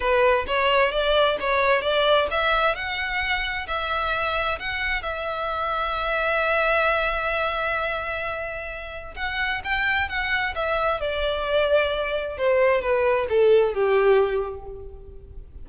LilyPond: \new Staff \with { instrumentName = "violin" } { \time 4/4 \tempo 4 = 131 b'4 cis''4 d''4 cis''4 | d''4 e''4 fis''2 | e''2 fis''4 e''4~ | e''1~ |
e''1 | fis''4 g''4 fis''4 e''4 | d''2. c''4 | b'4 a'4 g'2 | }